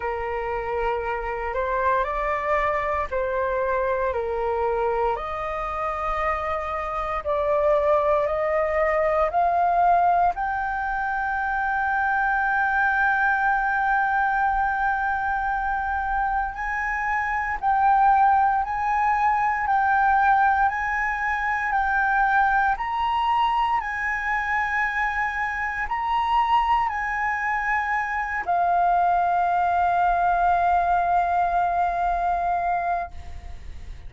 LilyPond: \new Staff \with { instrumentName = "flute" } { \time 4/4 \tempo 4 = 58 ais'4. c''8 d''4 c''4 | ais'4 dis''2 d''4 | dis''4 f''4 g''2~ | g''1 |
gis''4 g''4 gis''4 g''4 | gis''4 g''4 ais''4 gis''4~ | gis''4 ais''4 gis''4. f''8~ | f''1 | }